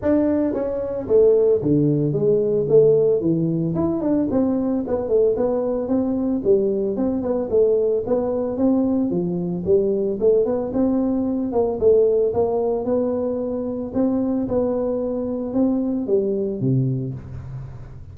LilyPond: \new Staff \with { instrumentName = "tuba" } { \time 4/4 \tempo 4 = 112 d'4 cis'4 a4 d4 | gis4 a4 e4 e'8 d'8 | c'4 b8 a8 b4 c'4 | g4 c'8 b8 a4 b4 |
c'4 f4 g4 a8 b8 | c'4. ais8 a4 ais4 | b2 c'4 b4~ | b4 c'4 g4 c4 | }